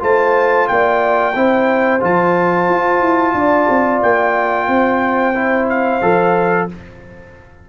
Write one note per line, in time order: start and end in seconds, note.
0.00 0.69 A3
0.00 1.33 F4
0.00 0.69 C5
0.00 0.68 A5
0.68 1.35 A#3
0.68 1.37 D5
0.68 2.01 G5
1.35 2.02 C4
1.35 2.01 E4
1.35 3.37 C5
2.01 2.69 F3
2.01 5.34 F4
2.01 4.02 A5
2.69 3.00 F4
3.00 3.34 E4
3.34 3.67 D4
3.34 4.69 D5
3.69 4.02 C4
4.02 4.68 A#3
4.02 5.69 G5
4.68 6.01 C4
4.68 6.69 C5
5.35 6.02 E4
5.69 6.69 F5
6.02 6.69 F3
6.02 6.69 A4